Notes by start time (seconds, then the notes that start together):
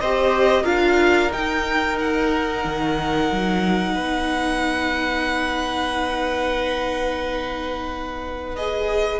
0.00 C4 G4 C5 D#5
0.62 D4 F4 A#4 F5
1.31 D#4 G5
1.99 F#5
2.65 D#3
3.32 F#3
3.95 B3 B4
8.56 G#4 D#5